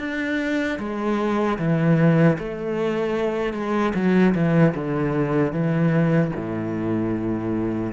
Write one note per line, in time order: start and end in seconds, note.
0.00 0.79 D4
0.80 1.59 G#3
1.59 2.38 E3
2.39 3.54 A3
3.54 3.93 G#3
3.95 4.35 F#3
4.35 4.75 E3
4.75 5.53 D3
5.53 6.32 E3
6.36 7.93 A2